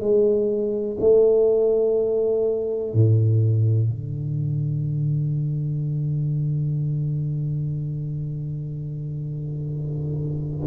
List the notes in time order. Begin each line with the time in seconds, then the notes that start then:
0.00 G#3
1.00 A3
2.94 A2
3.90 D3